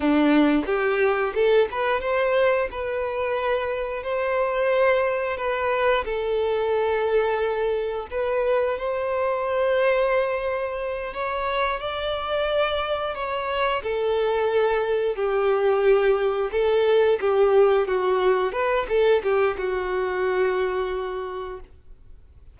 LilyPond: \new Staff \with { instrumentName = "violin" } { \time 4/4 \tempo 4 = 89 d'4 g'4 a'8 b'8 c''4 | b'2 c''2 | b'4 a'2. | b'4 c''2.~ |
c''8 cis''4 d''2 cis''8~ | cis''8 a'2 g'4.~ | g'8 a'4 g'4 fis'4 b'8 | a'8 g'8 fis'2. | }